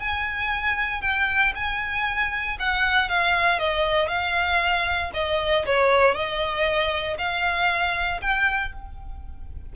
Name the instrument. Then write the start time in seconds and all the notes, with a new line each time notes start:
violin
0.00 G#5
1.02 G5
1.55 G#5
2.60 F#5
3.10 F5
3.59 D#5
4.09 F5
5.14 D#5
5.66 C#5
6.15 D#5
7.18 F5
8.22 G5